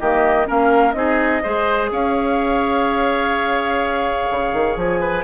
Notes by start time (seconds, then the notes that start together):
0.00 D#3 A#3 G4 D#5
0.46 A#3 C#4 A#4 F5
0.92 C4 D#4 G#4 D#5
1.43 G#3 G#4 C5
1.91 C#4 C#5 F5
4.31 C#3
4.53 D#3
4.77 F3 G#5
5.01 B4